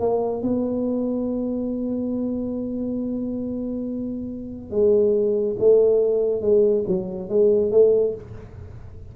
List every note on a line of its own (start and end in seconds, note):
0.00 0.42 A#3
0.42 4.71 B3
4.71 5.57 G#3
5.59 6.41 A3
6.41 6.84 G#3
6.88 7.29 F#3
7.29 7.72 G#3
7.72 8.14 A3